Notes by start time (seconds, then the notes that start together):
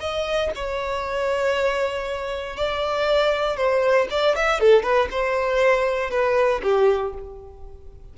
0.00 D#5
0.55 C#5
2.57 D5
3.57 C5
4.10 D5
4.35 E5
4.60 A4
4.83 B4
5.11 C5
6.10 B4
6.63 G4